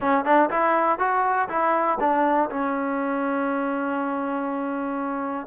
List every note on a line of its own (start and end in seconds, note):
0.00 0.25 C#4
0.25 0.49 D4
0.50 0.98 E4
0.98 1.48 F#4
1.49 1.98 E4
2.00 2.49 D4
2.50 5.46 C#4